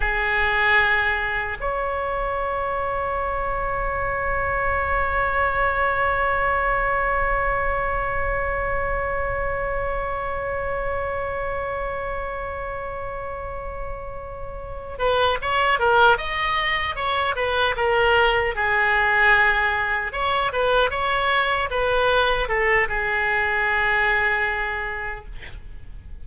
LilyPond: \new Staff \with { instrumentName = "oboe" } { \time 4/4 \tempo 4 = 76 gis'2 cis''2~ | cis''1~ | cis''1~ | cis''1~ |
cis''2. b'8 cis''8 | ais'8 dis''4 cis''8 b'8 ais'4 gis'8~ | gis'4. cis''8 b'8 cis''4 b'8~ | b'8 a'8 gis'2. | }